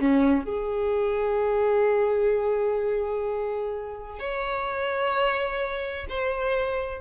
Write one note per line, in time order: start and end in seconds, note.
0.00 0.45 C#4
0.45 4.19 G#4
4.19 6.06 C#5
6.09 7.01 C5